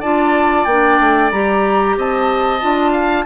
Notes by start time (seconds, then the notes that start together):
0.00 D4 F4 D5 A5
0.65 A#3 D4 G5
1.00 A3
1.31 G3 G4 A#5
1.97 C4 D#5 A5
2.60 D4 F4
2.92 F5